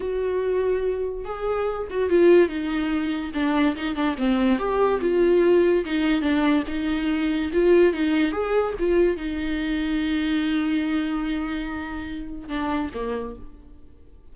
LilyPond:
\new Staff \with { instrumentName = "viola" } { \time 4/4 \tempo 4 = 144 fis'2. gis'4~ | gis'8 fis'8 f'4 dis'2 | d'4 dis'8 d'8 c'4 g'4 | f'2 dis'4 d'4 |
dis'2 f'4 dis'4 | gis'4 f'4 dis'2~ | dis'1~ | dis'2 d'4 ais4 | }